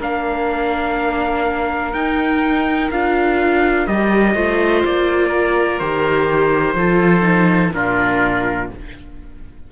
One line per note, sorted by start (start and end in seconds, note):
0.00 1.94 A#3
0.00 1.94 D4
0.00 4.35 A#4
0.00 1.94 F5
1.94 2.91 D#4
1.94 2.91 G5
2.91 3.87 D4
2.91 3.88 F4
2.91 3.87 F5
3.87 4.35 G3
3.87 4.36 G4
3.87 4.84 D#5
4.35 4.83 A3
4.35 5.81 F4
4.35 5.29 C5
4.85 5.81 A#3
4.85 5.80 D5
5.29 6.74 A#4
5.80 6.75 D#3
5.80 6.78 G4
5.80 7.73 C5
6.75 7.72 F3
6.75 7.22 F4
6.75 7.74 A4
7.22 7.70 D#4
7.74 8.70 A#2
7.74 8.71 D4
7.74 8.72 F4
7.74 8.71 A#4